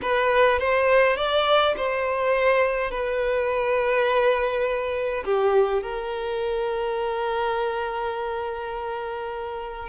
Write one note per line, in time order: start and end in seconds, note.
0.02 0.59 B4
0.59 1.16 C5
1.16 1.74 D5
1.76 2.90 C5
2.90 5.23 B4
5.25 5.82 G4
5.82 9.89 A#4